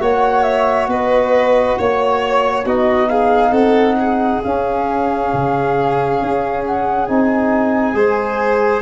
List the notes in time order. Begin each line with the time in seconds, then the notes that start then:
0.00 A#3 F#4 C#5 F#5
0.43 E5
0.88 B3 B4 D#5
1.79 A#3 C#5
2.65 B3 D#4 F#4 D#5
3.10 G#4 F5
3.52 C4 A4 F#5
4.00 G#4
4.43 C#4 F5
5.33 C#3
6.22 C#4
6.66 F#5
7.06 C4 D#4 G#5
7.94 G#3 G#4 C5